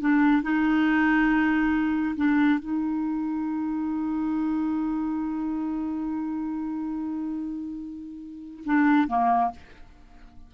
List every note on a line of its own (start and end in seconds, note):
0.00 0.43 D4
0.43 2.15 D#4
2.16 2.59 D4
2.60 8.64 D#4
8.65 9.08 D4
9.08 9.51 A#3